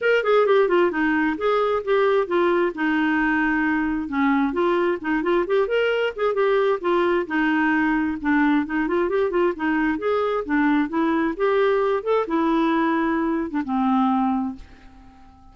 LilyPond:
\new Staff \with { instrumentName = "clarinet" } { \time 4/4 \tempo 4 = 132 ais'8 gis'8 g'8 f'8 dis'4 gis'4 | g'4 f'4 dis'2~ | dis'4 cis'4 f'4 dis'8 f'8 | g'8 ais'4 gis'8 g'4 f'4 |
dis'2 d'4 dis'8 f'8 | g'8 f'8 dis'4 gis'4 d'4 | e'4 g'4. a'8 e'4~ | e'4.~ e'16 d'16 c'2 | }